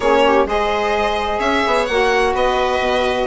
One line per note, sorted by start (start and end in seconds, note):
0.00 0.45 A#3
0.00 0.46 C#4
0.00 0.23 G#4
0.00 0.46 C#5
0.26 0.47 G4
0.45 1.39 G#3
0.45 1.87 G#4
0.45 1.39 C5
0.45 1.39 D#5
1.39 1.62 C#4
1.39 2.33 C#5
1.39 1.85 E5
1.66 1.89 B3
1.85 2.34 A#3
1.85 3.27 F#4
1.85 2.32 F#5
2.34 2.79 B3
2.34 3.27 B4
2.34 3.27 D#5
2.79 3.26 B2